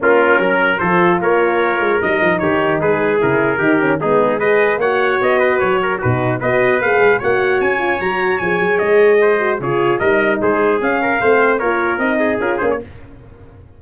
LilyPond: <<
  \new Staff \with { instrumentName = "trumpet" } { \time 4/4 \tempo 4 = 150 ais'2 c''4 cis''4~ | cis''4 dis''4 cis''4 b'4 | ais'2 gis'4 dis''4 | fis''4 dis''4 cis''4 b'4 |
dis''4 f''4 fis''4 gis''4 | ais''4 gis''4 dis''2 | cis''4 dis''4 c''4 f''4~ | f''4 cis''4 dis''4 ais'8 c''16 cis''16 | }
  \new Staff \with { instrumentName = "trumpet" } { \time 4/4 f'4 ais'4 a'4 ais'4~ | ais'2 g'4 gis'4~ | gis'4 g'4 dis'4 b'4 | cis''4. b'4 ais'8 fis'4 |
b'2 cis''2~ | cis''2. c''4 | gis'4 ais'4 gis'4. ais'8 | c''4 ais'4. gis'4. | }
  \new Staff \with { instrumentName = "horn" } { \time 4/4 cis'2 f'2~ | f'4 dis'2. | e'4 dis'8 cis'8 b4 gis'4 | fis'2. dis'4 |
fis'4 gis'4 fis'4. f'8 | fis'4 gis'2~ gis'8 fis'8 | f'4 dis'2 cis'4 | c'4 f'4 dis'4 f'8 cis'8 | }
  \new Staff \with { instrumentName = "tuba" } { \time 4/4 ais4 fis4 f4 ais4~ | ais8 gis8 g8 f8 dis4 gis4 | cis4 dis4 gis2 | ais4 b4 fis4 b,4 |
b4 ais8 gis8 ais4 cis'4 | fis4 f8 fis8 gis2 | cis4 g4 gis4 cis'4 | a4 ais4 c'4 cis'8 ais8 | }
>>